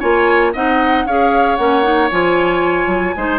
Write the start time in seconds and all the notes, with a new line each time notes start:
0.00 A#3 F4 C#5 G#5
0.53 C4 D#4 D#5 F#5
1.06 C#4 G#4 C#5 F5
1.57 A#3 C#4 F#5
1.83 D#4
2.11 F3 F4 G#5
2.87 F#3
3.16 G#3 D#4 C5